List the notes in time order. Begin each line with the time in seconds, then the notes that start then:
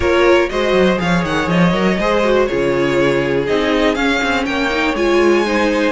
0.00 A#3 F4 A#4 C#5
0.49 G#3 F#4 C5 D#5
0.72 F#3
0.96 F3 G#4 F5
1.02 C#5
1.23 D#3 F#5
1.47 F3 D#5
1.72 F#3 A#4
1.99 G#3 G#4 C5
2.23 F#4
2.45 F4 G#4 C#5
2.52 C#3
3.47 C4 D#4 D#5
3.95 C#4 F5
4.23 C4
4.45 A#3 C#5 G5
4.69 D#4
4.94 G#3 F4 G#5
5.45 D#4 C5